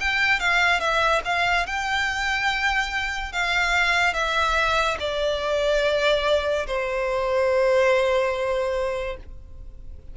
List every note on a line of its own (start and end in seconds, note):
0.00 0.39 G5
0.39 0.80 F5
0.80 1.21 E5
1.24 1.66 F5
1.66 3.32 G5
3.32 4.13 F5
4.13 4.97 E5
5.00 6.66 D5
6.67 9.17 C5